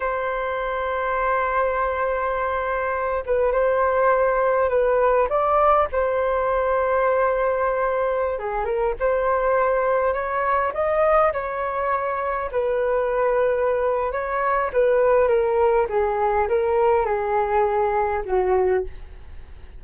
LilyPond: \new Staff \with { instrumentName = "flute" } { \time 4/4 \tempo 4 = 102 c''1~ | c''4. b'8 c''2 | b'4 d''4 c''2~ | c''2~ c''16 gis'8 ais'8 c''8.~ |
c''4~ c''16 cis''4 dis''4 cis''8.~ | cis''4~ cis''16 b'2~ b'8. | cis''4 b'4 ais'4 gis'4 | ais'4 gis'2 fis'4 | }